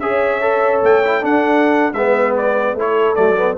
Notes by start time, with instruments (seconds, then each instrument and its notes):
0.00 tuba C#4, trombone G#4, horn C#5, trumpet E5
0.41 trombone A4
0.83 tuba A3, trumpet G5
1.05 trombone E4
1.22 trombone D4, tuba D4, horn A4, trumpet F#5
1.93 tuba G#3, trombone B3, horn B4, trumpet E5
2.37 trumpet D5
2.75 tuba A3, trombone E4, horn A4, trumpet C#5
3.16 tuba F#3, trombone A3, trumpet D5
3.36 trombone B3